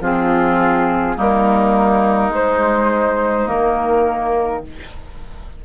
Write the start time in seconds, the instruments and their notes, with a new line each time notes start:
0.00 bassoon F3, clarinet C4, oboe F4, flute G#4
1.16 bassoon G3, clarinet A#3, oboe D#4, flute A#4
2.29 bassoon G#3, clarinet G#3, flute C5
3.46 bassoon D#3, clarinet A#3, flute A#4